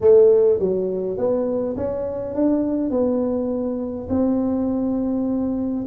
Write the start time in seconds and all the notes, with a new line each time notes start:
0.00 A3
0.59 F#3
1.17 B3
1.76 C#4
2.34 D4
2.90 B3
4.09 C4